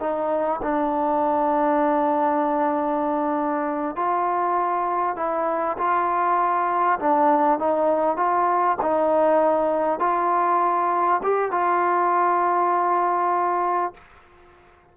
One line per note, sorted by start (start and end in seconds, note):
0.00 0.61 D#4
0.63 3.96 D4
3.96 5.16 F4
5.16 5.77 E4
5.78 6.99 F4
6.99 7.59 D4
7.59 8.17 D#4
8.17 8.77 F4
8.82 9.99 D#4
9.99 11.21 F4
11.23 11.51 G4
11.51 13.94 F4